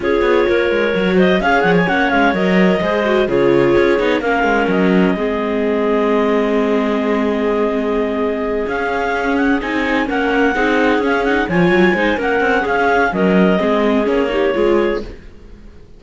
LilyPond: <<
  \new Staff \with { instrumentName = "clarinet" } { \time 4/4 \tempo 4 = 128 cis''2~ cis''8 dis''8 f''8 fis''16 gis''16 | fis''8 f''8 dis''2 cis''4~ | cis''4 f''4 dis''2~ | dis''1~ |
dis''2~ dis''8 f''4. | fis''8 gis''4 fis''2 f''8 | fis''8 gis''4. fis''4 f''4 | dis''2 cis''2 | }
  \new Staff \with { instrumentName = "clarinet" } { \time 4/4 gis'4 ais'4. c''8 cis''4~ | cis''2 c''4 gis'4~ | gis'4 ais'2 gis'4~ | gis'1~ |
gis'1~ | gis'4. ais'4 gis'4.~ | gis'8 cis''4 c''8 ais'4 gis'4 | ais'4 gis'4. g'8 gis'4 | }
  \new Staff \with { instrumentName = "viola" } { \time 4/4 f'2 fis'4 gis'4 | cis'4 ais'4 gis'8 fis'8 f'4~ | f'8 dis'8 cis'2 c'4~ | c'1~ |
c'2~ c'8 cis'4.~ | cis'8 dis'4 cis'4 dis'4 cis'8 | dis'8 f'4 dis'8 cis'2~ | cis'4 c'4 cis'8 dis'8 f'4 | }
  \new Staff \with { instrumentName = "cello" } { \time 4/4 cis'8 b8 ais8 gis8 fis4 cis'8 f8 | ais8 gis8 fis4 gis4 cis4 | cis'8 b8 ais8 gis8 fis4 gis4~ | gis1~ |
gis2~ gis8 cis'4.~ | cis'8 c'4 ais4 c'4 cis'8~ | cis'8 f8 fis8 gis8 ais8 c'8 cis'4 | fis4 gis4 ais4 gis4 | }
>>